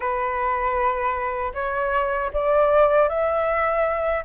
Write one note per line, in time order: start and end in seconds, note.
0.00 1.52 B4
1.54 2.31 C#5
2.33 3.08 D5
3.08 4.24 E5